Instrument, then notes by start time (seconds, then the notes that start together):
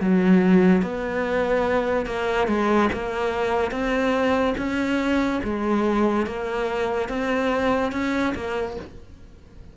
cello
0.00 F#3
0.82 B3
2.06 A#3
2.48 G#3
2.93 A#3
3.71 C4
4.58 C#4
5.44 G#3
6.27 A#3
7.09 C4
7.92 C#4
8.34 A#3